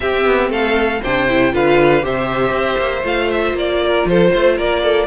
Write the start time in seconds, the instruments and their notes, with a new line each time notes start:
0.00 viola C4, cello C4, violin G4 E5
0.25 cello B3
0.49 cello A3, violin A4 F5
1.01 cello C3, viola D4, violin C5 G5
1.28 viola E4
1.52 cello D3, viola F4, violin B4 F5
2.01 cello C3, viola G4, violin C5 E5
2.50 cello C4
2.77 cello A#3
3.03 cello A3, viola F4, violin F5
3.30 violin E5
3.52 cello A#3, violin D5
3.83 violin A#4
4.05 cello F3, violin A4 C5
4.30 cello A3, violin C5
4.57 cello A#3, violin A#4 D5
4.83 violin A4